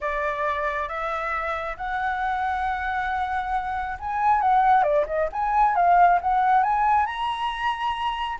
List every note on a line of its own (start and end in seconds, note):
0.01 0.88 D5
0.88 1.76 E5
1.77 3.97 F#5
3.99 4.41 G#5
4.41 4.83 F#5
4.83 5.05 D5
5.06 5.28 D#5
5.32 5.75 G#5
5.75 6.19 F5
6.21 6.63 F#5
6.63 7.06 G#5
7.06 8.38 A#5